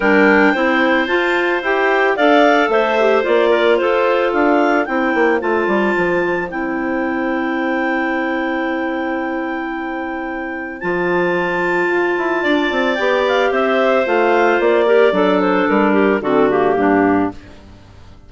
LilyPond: <<
  \new Staff \with { instrumentName = "clarinet" } { \time 4/4 \tempo 4 = 111 g''2 a''4 g''4 | f''4 e''4 d''4 c''4 | f''4 g''4 a''2 | g''1~ |
g''1 | a''1 | g''8 f''8 e''4 f''4 d''4~ | d''8 c''8 ais'4 a'8 g'4. | }
  \new Staff \with { instrumentName = "clarinet" } { \time 4/4 ais'4 c''2. | d''4 c''4. ais'8 a'4~ | a'4 c''2.~ | c''1~ |
c''1~ | c''2. d''4~ | d''4 c''2~ c''8 ais'8 | a'4. g'8 fis'4 d'4 | }
  \new Staff \with { instrumentName = "clarinet" } { \time 4/4 d'4 e'4 f'4 g'4 | a'4. g'8 f'2~ | f'4 e'4 f'2 | e'1~ |
e'1 | f'1 | g'2 f'4. g'8 | d'2 c'8 ais4. | }
  \new Staff \with { instrumentName = "bassoon" } { \time 4/4 g4 c'4 f'4 e'4 | d'4 a4 ais4 f'4 | d'4 c'8 ais8 a8 g8 f4 | c'1~ |
c'1 | f2 f'8 e'8 d'8 c'8 | b4 c'4 a4 ais4 | fis4 g4 d4 g,4 | }
>>